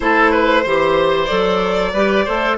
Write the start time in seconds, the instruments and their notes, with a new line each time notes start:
0.00 bassoon A3, clarinet E4, oboe A4, violin C5
0.31 oboe B4
0.63 bassoon E3, clarinet G4, oboe C5
1.25 bassoon F#3, clarinet A4, violin D5
1.93 bassoon G3, clarinet G4, oboe B4
2.24 bassoon A3, clarinet A4, oboe C5